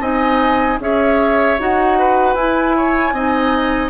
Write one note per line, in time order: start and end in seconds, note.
0.00 0.78 C4
0.00 0.79 D#4
0.00 0.79 D#5
0.00 0.79 G#5
0.79 1.57 C#4
0.79 1.58 G#4
0.79 1.98 C#5
0.79 1.59 E5
1.58 2.34 D#4
1.58 2.36 F#4
1.58 2.34 F#5
1.98 2.76 B4
2.34 3.12 E4
2.34 3.14 E4
2.34 3.89 G#5
2.76 3.14 C#5
3.12 3.90 C4
3.12 3.90 D#4
3.12 3.90 D#5